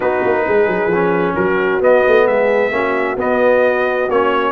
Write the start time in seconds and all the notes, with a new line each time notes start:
0.00 B3 D#4 F#4 B4
0.24 A#3
0.45 G#3 G#4
0.67 F#3
0.87 F3
0.94 C#4
1.35 F#3 F#4 A#4
1.80 B3 D#5
2.07 A3
2.27 G#3 G#4 E5
2.70 A#3 C#4 F#4
3.16 B3 D#5
4.09 A#3 C#4 C#5